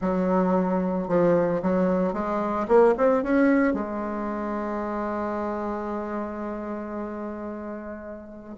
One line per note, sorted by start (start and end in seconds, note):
0.01 1.08 F#3
1.08 1.61 F3
1.62 2.13 F#3
2.13 2.66 G#3
2.67 2.94 A#3
2.97 3.23 C4
3.23 3.73 C#4
3.73 8.55 G#3